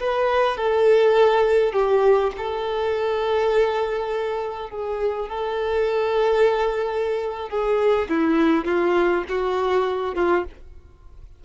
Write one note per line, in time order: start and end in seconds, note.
0.00 0.57 B4
0.57 1.73 A4
1.73 2.32 G4
2.38 4.70 A4
4.70 5.29 G#4
5.29 7.50 A4
7.50 8.09 G#4
8.09 8.65 E4
8.65 9.24 F4
9.29 10.15 F#4
10.15 10.44 F4